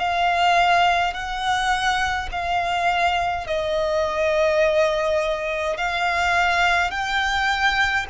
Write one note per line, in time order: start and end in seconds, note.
0.00 1.14 F5
1.14 2.29 F#5
2.32 3.47 F5
3.47 5.77 D#5
5.77 6.91 F5
6.91 8.07 G5